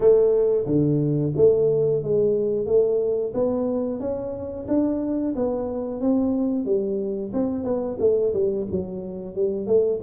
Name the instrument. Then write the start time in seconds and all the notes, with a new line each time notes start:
tuba
0.00 A3
0.65 D3
1.36 A3
2.02 G#3
2.65 A3
3.34 B3
3.99 C#4
4.68 D4
5.35 B3
6.01 C4
6.65 G3
7.33 C4
7.64 B3
7.99 A3
8.33 G3
8.71 F#3
9.35 G3
9.66 A3